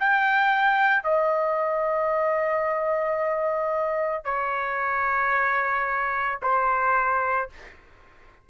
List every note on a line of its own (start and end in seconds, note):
0.00 1.04 G5
1.04 4.25 D#5
4.25 6.39 C#5
6.42 7.50 C5